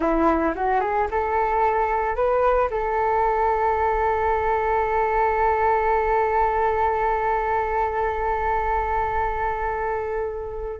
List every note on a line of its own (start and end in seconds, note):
0.00 0.53 E4
0.55 0.80 F#4
0.80 1.07 G#4
1.10 2.15 A4
2.15 2.69 B4
2.70 10.80 A4